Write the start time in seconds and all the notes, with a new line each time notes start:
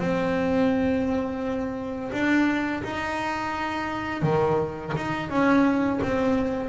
0.00 C4
2.12 D4
2.84 D#4
4.23 D#3
4.97 D#4
5.30 C#4
6.03 C4